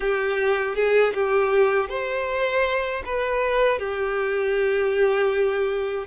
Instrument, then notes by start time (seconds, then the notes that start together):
violin
0.00 G4
0.75 G#4
1.14 G4
1.89 C5
3.05 B4
3.78 G4